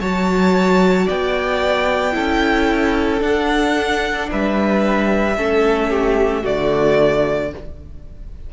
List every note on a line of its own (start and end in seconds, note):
0.00 1.07 F#3
0.00 2.12 F#4
0.00 1.05 C#5
0.00 1.07 A5
1.05 2.16 B3
1.05 2.12 D5
1.05 3.22 G5
2.12 3.21 C#4
2.12 3.19 E4
2.12 4.29 A4
3.19 5.33 D4
3.19 4.28 D4
3.19 4.29 F#5
4.31 5.37 G3
4.31 5.36 B4
4.31 6.45 E5
5.36 6.44 A3
5.36 6.42 C#4
5.36 5.90 A4
5.90 6.42 G4
6.42 7.53 D3
6.42 7.49 A3
6.42 7.49 F#4
6.42 7.52 D5